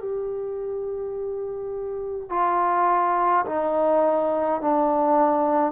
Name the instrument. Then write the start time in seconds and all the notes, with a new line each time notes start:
trombone
0.00 G4
2.30 F4
3.46 D#4
4.61 D4